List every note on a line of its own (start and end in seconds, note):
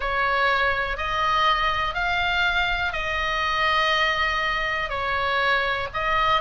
0.00 0.97 C#5
0.97 1.94 D#5
1.94 2.92 F5
2.92 4.89 D#5
4.89 5.87 C#5
5.93 6.41 D#5